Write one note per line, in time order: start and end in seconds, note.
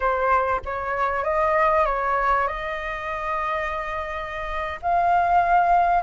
0.00 0.60 C5
0.65 1.24 C#5
1.24 1.85 D#5
1.85 2.47 C#5
2.47 4.79 D#5
4.82 6.03 F5